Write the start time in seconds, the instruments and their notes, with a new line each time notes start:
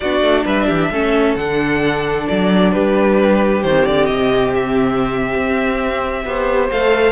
0.00 cello B3, viola D4, violin F#4 D5
0.21 cello A3
0.45 cello G3, violin B4 E5
0.66 cello E3, violin G4
0.90 cello A3, viola C#4, violin A4
1.35 cello D3, viola D4, violin F#5
2.28 cello F#3, violin D5
2.71 cello G3, violin G4 B4
3.62 cello D#3, viola C4, violin C5
3.85 cello D3, violin D5
4.05 cello C3, violin D#5
4.54 violin E5
5.35 cello C4
6.25 cello B3, viola G4, violin C5
6.70 cello A3, viola A4, violin F5